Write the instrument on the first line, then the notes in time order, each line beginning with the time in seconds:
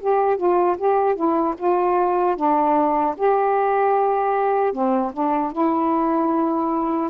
saxophone
0.00 G4
0.37 F4
0.78 G4
1.15 E4
1.58 F4
2.36 D4
3.17 G4
4.73 C4
5.13 D4
5.52 E4